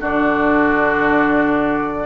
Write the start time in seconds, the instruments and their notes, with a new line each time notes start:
0.00 bassoon D3, clarinet D4, oboe F#4, flute D5